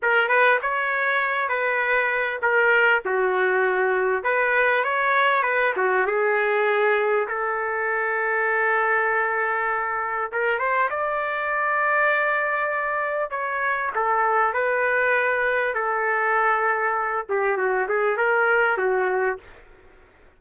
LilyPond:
\new Staff \with { instrumentName = "trumpet" } { \time 4/4 \tempo 4 = 99 ais'8 b'8 cis''4. b'4. | ais'4 fis'2 b'4 | cis''4 b'8 fis'8 gis'2 | a'1~ |
a'4 ais'8 c''8 d''2~ | d''2 cis''4 a'4 | b'2 a'2~ | a'8 g'8 fis'8 gis'8 ais'4 fis'4 | }